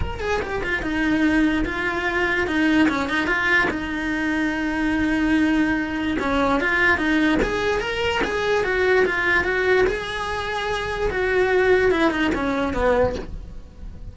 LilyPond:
\new Staff \with { instrumentName = "cello" } { \time 4/4 \tempo 4 = 146 ais'8 gis'8 g'8 f'8 dis'2 | f'2 dis'4 cis'8 dis'8 | f'4 dis'2.~ | dis'2. cis'4 |
f'4 dis'4 gis'4 ais'4 | gis'4 fis'4 f'4 fis'4 | gis'2. fis'4~ | fis'4 e'8 dis'8 cis'4 b4 | }